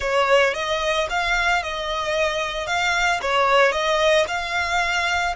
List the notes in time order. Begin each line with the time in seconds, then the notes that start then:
0.00 C#5
0.54 D#5
1.09 F5
1.62 D#5
2.66 F5
3.21 C#5
3.72 D#5
4.27 F5